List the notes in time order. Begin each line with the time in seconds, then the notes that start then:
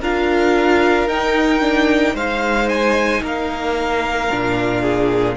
0.00 D4 F4 A#4 F5
1.07 D#4 G5
1.60 D4
2.14 G#3 D#4 C5 F5
2.69 G#5
3.22 A#3 A#4 F5
4.29 A#2 D4
4.81 G#4